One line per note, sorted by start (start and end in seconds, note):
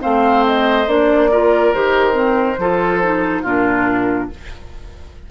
0.00 0.87 A3
0.00 0.86 C4
0.00 1.30 C5
0.00 0.45 F5
0.46 0.88 D#5
0.87 1.72 A#3
0.87 1.30 D4
0.87 1.73 D5
1.31 1.74 F4
1.31 2.59 A#4
1.73 2.58 D#3
1.73 2.13 G4
1.73 3.44 C5
2.13 2.56 C4
2.58 3.43 F3
2.58 3.02 F4
2.58 3.42 A4
3.02 3.45 D#4
3.42 4.29 A#2
3.42 4.31 D4
3.42 4.27 F4
3.42 4.30 A#4